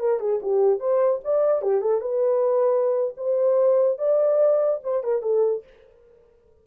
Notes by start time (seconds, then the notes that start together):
0.00 A#4
0.20 G#4
0.43 G4
0.80 C5
1.25 D5
1.62 G4
1.82 A4
2.02 B4
3.17 C5
3.99 D5
4.84 C5
5.04 A#4
5.23 A4